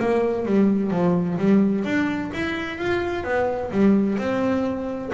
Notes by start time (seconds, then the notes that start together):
0.00 A#3
0.46 G3
0.91 F3
1.38 G3
1.85 D4
2.34 E4
2.78 F4
3.24 B3
3.72 G3
4.18 C4